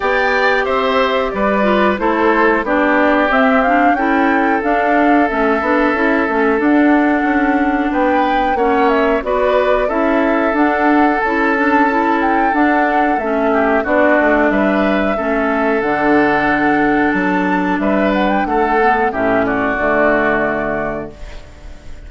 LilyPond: <<
  \new Staff \with { instrumentName = "flute" } { \time 4/4 \tempo 4 = 91 g''4 e''4 d''4 c''4 | d''4 e''8 f''8 g''4 f''4 | e''2 fis''2 | g''4 fis''8 e''8 d''4 e''4 |
fis''4 a''4. g''8 fis''4 | e''4 d''4 e''2 | fis''2 a''4 e''8 fis''16 g''16 | fis''4 e''8 d''2~ d''8 | }
  \new Staff \with { instrumentName = "oboe" } { \time 4/4 d''4 c''4 b'4 a'4 | g'2 a'2~ | a'1 | b'4 cis''4 b'4 a'4~ |
a'1~ | a'8 g'8 fis'4 b'4 a'4~ | a'2. b'4 | a'4 g'8 fis'2~ fis'8 | }
  \new Staff \with { instrumentName = "clarinet" } { \time 4/4 g'2~ g'8 f'8 e'4 | d'4 c'8 d'8 e'4 d'4 | cis'8 d'8 e'8 cis'8 d'2~ | d'4 cis'4 fis'4 e'4 |
d'4 e'8 d'8 e'4 d'4 | cis'4 d'2 cis'4 | d'1~ | d'8 b8 cis'4 a2 | }
  \new Staff \with { instrumentName = "bassoon" } { \time 4/4 b4 c'4 g4 a4 | b4 c'4 cis'4 d'4 | a8 b8 cis'8 a8 d'4 cis'4 | b4 ais4 b4 cis'4 |
d'4 cis'2 d'4 | a4 b8 a8 g4 a4 | d2 fis4 g4 | a4 a,4 d2 | }
>>